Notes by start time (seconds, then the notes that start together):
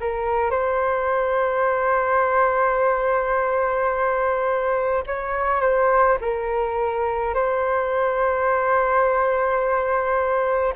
0.00 A#4
0.50 C5
5.06 C#5
5.61 C5
6.21 A#4
7.34 C5